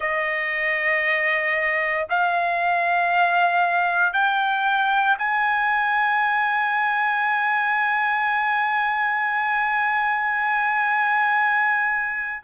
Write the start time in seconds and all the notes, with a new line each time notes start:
0.00 D#5
2.09 F5
4.13 G5
5.18 G#5